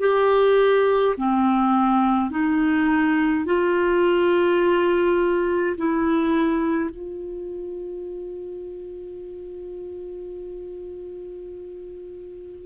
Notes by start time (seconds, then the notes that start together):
0.00 G4
1.17 C4
2.31 D#4
3.46 F4
5.77 E4
6.90 F4